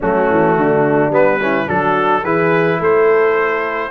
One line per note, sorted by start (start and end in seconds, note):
0.00 0.30 F#3
0.00 1.11 A3
0.00 0.54 C#4
0.00 1.13 F#4
0.30 0.56 E3
0.56 1.10 D3
0.56 1.40 D4
1.10 1.66 G3
1.10 1.39 B3
1.10 1.68 B4
1.40 1.66 C#4
1.40 1.68 E4
1.66 2.24 F#3
1.66 2.22 D4
1.66 2.22 F#4
1.66 2.24 A4
2.22 2.80 E3
2.22 3.91 E4
2.22 2.78 G#4
2.22 2.80 B4
2.80 3.91 A3
2.80 3.91 A4
2.80 3.91 C5